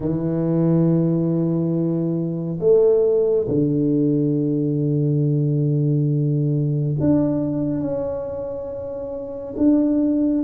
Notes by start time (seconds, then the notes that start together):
0.00 E3
2.59 A3
3.47 D3
7.00 D4
7.80 C#4
9.57 D4